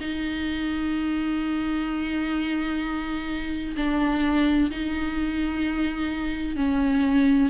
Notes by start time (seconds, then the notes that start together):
0.00 D#4
3.76 D4
4.70 D#4
6.56 C#4